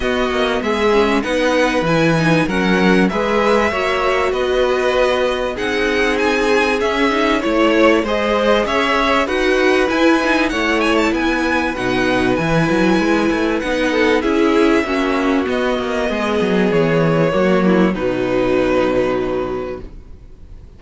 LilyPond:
<<
  \new Staff \with { instrumentName = "violin" } { \time 4/4 \tempo 4 = 97 dis''4 e''4 fis''4 gis''4 | fis''4 e''2 dis''4~ | dis''4 fis''4 gis''4 e''4 | cis''4 dis''4 e''4 fis''4 |
gis''4 fis''8 gis''16 a''16 gis''4 fis''4 | gis''2 fis''4 e''4~ | e''4 dis''2 cis''4~ | cis''4 b'2. | }
  \new Staff \with { instrumentName = "violin" } { \time 4/4 fis'4 gis'4 b'2 | ais'4 b'4 cis''4 b'4~ | b'4 gis'2. | cis''4 c''4 cis''4 b'4~ |
b'4 cis''4 b'2~ | b'2~ b'8 a'8 gis'4 | fis'2 gis'2 | fis'8 e'8 dis'2. | }
  \new Staff \with { instrumentName = "viola" } { \time 4/4 b4. cis'8 dis'4 e'8 dis'8 | cis'4 gis'4 fis'2~ | fis'4 dis'2 cis'8 dis'8 | e'4 gis'2 fis'4 |
e'8 dis'8 e'2 dis'4 | e'2 dis'4 e'4 | cis'4 b2. | ais4 fis2. | }
  \new Staff \with { instrumentName = "cello" } { \time 4/4 b8 ais8 gis4 b4 e4 | fis4 gis4 ais4 b4~ | b4 c'2 cis'4 | a4 gis4 cis'4 dis'4 |
e'4 a4 b4 b,4 | e8 fis8 gis8 a8 b4 cis'4 | ais4 b8 ais8 gis8 fis8 e4 | fis4 b,2. | }
>>